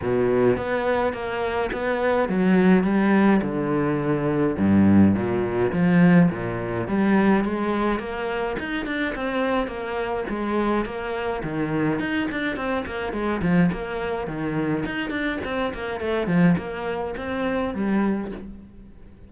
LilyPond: \new Staff \with { instrumentName = "cello" } { \time 4/4 \tempo 4 = 105 b,4 b4 ais4 b4 | fis4 g4 d2 | g,4 ais,4 f4 ais,4 | g4 gis4 ais4 dis'8 d'8 |
c'4 ais4 gis4 ais4 | dis4 dis'8 d'8 c'8 ais8 gis8 f8 | ais4 dis4 dis'8 d'8 c'8 ais8 | a8 f8 ais4 c'4 g4 | }